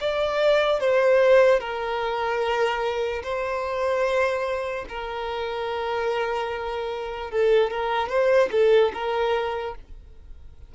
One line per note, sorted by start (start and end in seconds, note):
0.00 0.80 D5
0.80 1.60 C5
1.60 3.22 A#4
3.23 4.85 C5
4.88 7.30 A#4
7.30 7.71 A4
7.71 8.08 A#4
8.08 8.49 C5
8.51 8.92 A4
8.93 9.74 A#4